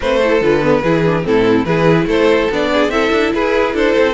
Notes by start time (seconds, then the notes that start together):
0.00 A3 C4 B4 C5
0.19 E4 A4
0.41 D3 F4 B4
0.62 B3
0.83 E3 E4 G#4
1.05 D4
1.23 A2 C4 E4 A4
1.64 E3 E4 G#4 B4
2.05 A3 A4 C5
2.51 B3 D4 D5
2.72 G#4
2.89 C4 E4 A4 E5
3.11 D4
3.33 E4 G#4 B4
3.73 D4 A4 C5
3.98 C4